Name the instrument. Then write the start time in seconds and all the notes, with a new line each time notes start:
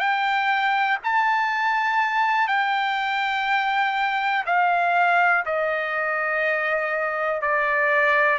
trumpet
0.00 G5
1.04 A5
2.48 G5
4.46 F5
5.45 D#5
7.42 D5